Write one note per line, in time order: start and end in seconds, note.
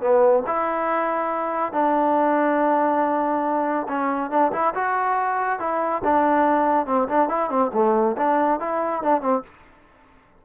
0.00 0.43 B3
0.46 1.72 E4
1.72 3.86 D4
3.88 4.30 C#4
4.30 4.52 D4
4.52 4.73 E4
4.74 5.59 F#4
5.59 6.02 E4
6.04 6.86 D4
6.86 7.07 C4
7.08 7.29 D4
7.29 7.49 E4
7.49 7.71 C4
7.73 8.16 A3
8.17 8.59 D4
8.59 9.02 E4
9.02 9.21 D4
9.21 9.42 C4